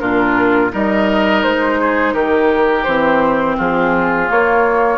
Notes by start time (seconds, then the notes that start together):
0.00 A#2 D4 F4 A#4
0.72 G3 D#4 A#4 D#5
1.43 G#3 C5
1.81 G#4
2.14 D#3 G4 A#4
2.84 E3 C4 C5
3.58 F3 F4 G#4
4.28 A#3 C#5